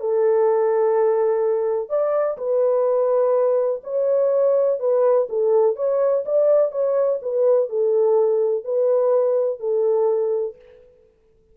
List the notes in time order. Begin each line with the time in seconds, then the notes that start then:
0.00 A4
1.89 D5
2.38 B4
3.83 C#5
4.79 B4
5.29 A4
5.76 C#5
6.25 D5
6.72 C#5
7.22 B4
7.70 A4
8.65 B4
9.60 A4